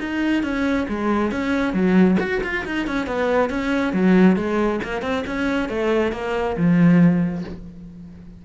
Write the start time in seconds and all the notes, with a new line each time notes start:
0.00 D#4
0.43 C#4
0.89 G#3
1.32 C#4
1.74 F#3
2.20 F#4
2.43 F4
2.66 D#4
2.87 C#4
3.07 B3
3.50 C#4
3.93 F#3
4.37 G#3
4.84 A#3
5.02 C4
5.27 C#4
5.69 A3
6.13 A#3
6.57 F3